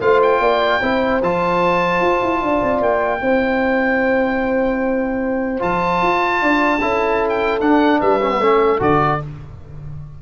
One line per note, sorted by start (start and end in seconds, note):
0.00 0.39 A3
0.00 0.81 F4
0.00 0.40 C5
0.00 0.21 F5
0.22 1.22 G5
0.39 0.79 A#3
0.39 0.80 D5
0.80 1.22 C4
0.80 1.21 E4
0.80 2.40 C5
1.22 2.01 F3
1.22 3.20 F4
1.22 2.82 A5
2.01 2.21 F4
2.22 2.41 E4
2.41 2.61 D4
2.41 3.21 D5
2.62 2.81 C4
2.81 3.21 A#3
2.81 5.61 G5
3.20 5.62 C4
3.20 5.59 E4
3.20 6.41 C5
5.59 6.01 F3
5.59 6.79 F4
5.59 7.29 A5
6.01 6.41 F4
6.41 6.82 D4
6.41 6.81 D5
6.81 7.61 C#4
6.81 7.60 E4
6.81 7.99 A4
7.29 7.59 G5
7.60 8.20 D4
7.60 8.01 D4
7.60 8.00 F#5
7.99 8.39 G3
7.99 8.39 B4
7.99 8.80 E5
8.20 8.30 C#4
8.30 8.40 B3
8.39 8.79 A3
8.39 8.79 C#4
8.39 9.21 A4
8.79 9.20 D3
8.79 9.19 F#4
8.79 9.22 D5